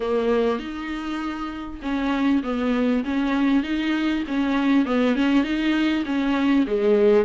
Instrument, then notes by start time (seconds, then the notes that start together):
viola
0.00 A#3
0.59 D#4
1.82 C#4
2.43 B3
3.04 C#4
3.63 D#4
4.27 C#4
4.85 B3
5.15 C#4
5.43 D#4
6.05 C#4
6.66 G#3